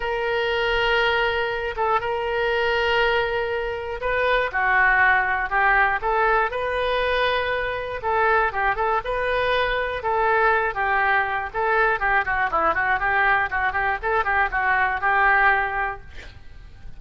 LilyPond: \new Staff \with { instrumentName = "oboe" } { \time 4/4 \tempo 4 = 120 ais'2.~ ais'8 a'8 | ais'1 | b'4 fis'2 g'4 | a'4 b'2. |
a'4 g'8 a'8 b'2 | a'4. g'4. a'4 | g'8 fis'8 e'8 fis'8 g'4 fis'8 g'8 | a'8 g'8 fis'4 g'2 | }